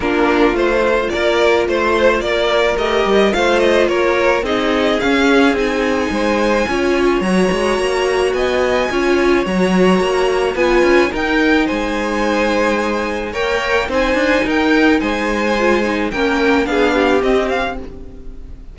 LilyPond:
<<
  \new Staff \with { instrumentName = "violin" } { \time 4/4 \tempo 4 = 108 ais'4 c''4 d''4 c''4 | d''4 dis''4 f''8 dis''8 cis''4 | dis''4 f''4 gis''2~ | gis''4 ais''2 gis''4~ |
gis''4 ais''2 gis''4 | g''4 gis''2. | g''4 gis''4 g''4 gis''4~ | gis''4 g''4 f''4 dis''8 f''8 | }
  \new Staff \with { instrumentName = "violin" } { \time 4/4 f'2 ais'4 c''4 | ais'2 c''4 ais'4 | gis'2. c''4 | cis''2. dis''4 |
cis''2. b'4 | ais'4 c''2. | cis''4 c''4 ais'4 c''4~ | c''4 ais'4 gis'8 g'4. | }
  \new Staff \with { instrumentName = "viola" } { \time 4/4 d'4 f'2.~ | f'4 g'4 f'2 | dis'4 cis'4 dis'2 | f'4 fis'2. |
f'4 fis'2 f'4 | dis'1 | ais'4 dis'2. | f'8 dis'8 cis'4 d'4 c'4 | }
  \new Staff \with { instrumentName = "cello" } { \time 4/4 ais4 a4 ais4 a4 | ais4 a8 g8 a4 ais4 | c'4 cis'4 c'4 gis4 | cis'4 fis8 gis8 ais4 b4 |
cis'4 fis4 ais4 b8 cis'8 | dis'4 gis2. | ais4 c'8 d'8 dis'4 gis4~ | gis4 ais4 b4 c'4 | }
>>